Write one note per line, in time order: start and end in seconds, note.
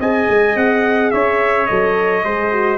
0.00 0.28 C4
0.00 1.69 G#4
0.00 1.13 D#5
0.00 0.57 G#5
0.30 0.56 G#3
0.56 1.12 C4
0.56 1.11 F#5
1.11 1.70 C#4
1.11 2.25 C#5
1.11 1.67 E5
1.67 2.24 F#3
1.67 2.25 A4
1.67 2.78 D#5
2.24 2.78 G#3
2.24 2.52 G#4
2.24 2.78 C5
2.52 2.78 F#4